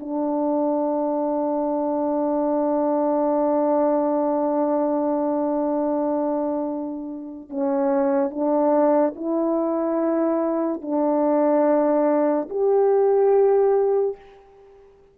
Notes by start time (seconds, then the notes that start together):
0.00 D4
7.49 C#4
8.30 D4
9.15 E4
10.81 D4
12.49 G4